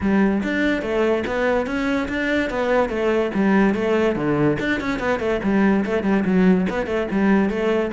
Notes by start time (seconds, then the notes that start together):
0.00 G3
0.43 D4
0.81 A3
1.27 B3
1.66 C#4
2.08 D4
2.50 B3
2.89 A3
3.34 G3
3.74 A3
4.15 D3
4.59 D4
4.80 C#4
4.99 B3
5.19 A3
5.43 G3
5.85 A3
6.03 G3
6.25 F#3
6.69 B3
6.86 A3
7.11 G3
7.49 A3